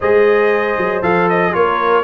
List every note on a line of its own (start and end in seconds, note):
0.00 0.77 G#3
0.00 1.02 G#4
0.00 1.54 C5
0.00 1.03 D#5
0.77 1.02 F#3
1.02 1.53 F3
1.02 1.52 A4
1.02 1.28 F5
1.29 1.54 D#5
1.52 2.03 A#3
1.52 2.03 F4
1.52 2.03 A#4
1.52 2.03 C#5